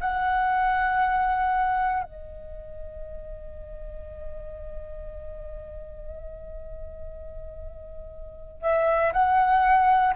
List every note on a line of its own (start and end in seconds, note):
0.00 2.03 F#5
2.03 8.61 D#5
8.61 9.12 E5
9.12 10.14 F#5